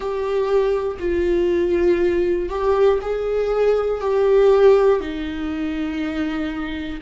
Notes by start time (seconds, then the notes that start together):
0.00 G4
0.99 F4
2.49 G4
3.01 G#4
4.00 G4
5.00 D#4